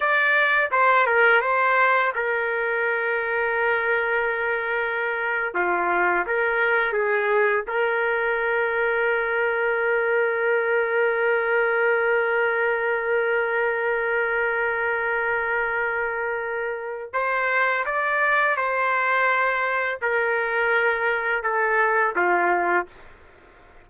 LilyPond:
\new Staff \with { instrumentName = "trumpet" } { \time 4/4 \tempo 4 = 84 d''4 c''8 ais'8 c''4 ais'4~ | ais'2.~ ais'8. f'16~ | f'8. ais'4 gis'4 ais'4~ ais'16~ | ais'1~ |
ais'1~ | ais'1 | c''4 d''4 c''2 | ais'2 a'4 f'4 | }